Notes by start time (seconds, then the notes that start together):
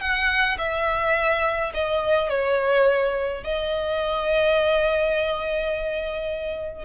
0.00 F#5
0.58 E5
1.74 D#5
2.29 C#5
3.44 D#5